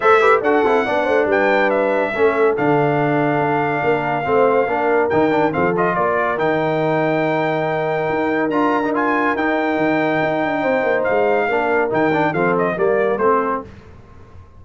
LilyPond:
<<
  \new Staff \with { instrumentName = "trumpet" } { \time 4/4 \tempo 4 = 141 e''4 fis''2 g''4 | e''2 f''2~ | f''1 | g''4 f''8 dis''8 d''4 g''4~ |
g''1 | ais''4 gis''4 g''2~ | g''2 f''2 | g''4 f''8 dis''8 d''4 c''4 | }
  \new Staff \with { instrumentName = "horn" } { \time 4/4 c''8 b'8 a'4 d''8 c''8 b'4~ | b'4 a'2.~ | a'4 ais'4 c''4 ais'4~ | ais'4 a'4 ais'2~ |
ais'1~ | ais'1~ | ais'4 c''2 ais'4~ | ais'4 a'4 ais'4 a'4 | }
  \new Staff \with { instrumentName = "trombone" } { \time 4/4 a'8 g'8 fis'8 e'8 d'2~ | d'4 cis'4 d'2~ | d'2 c'4 d'4 | dis'8 d'8 c'8 f'4. dis'4~ |
dis'1 | f'8. dis'16 f'4 dis'2~ | dis'2. d'4 | dis'8 d'8 c'4 ais4 c'4 | }
  \new Staff \with { instrumentName = "tuba" } { \time 4/4 a4 d'8 c'8 b8 a8 g4~ | g4 a4 d2 | d'4 ais4 a4 ais4 | dis4 f4 ais4 dis4~ |
dis2. dis'4 | d'2 dis'4 dis4 | dis'8 d'8 c'8 ais8 gis4 ais4 | dis4 f4 g4 a4 | }
>>